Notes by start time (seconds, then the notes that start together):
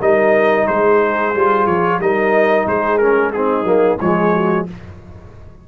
0.00 G3 D#4 A#4 D#5
0.67 G#3 G#4 C5
1.35 G3 F4
1.66 F3 C#5
1.99 G3 D#4 A#4 D#5
2.66 G#3 G#4 C5
2.98 C#4 A#4
3.33 C4 D#4 G#4
3.63 F#3 A#3
4.00 F3 G#3 G#4 C#5
4.33 F#4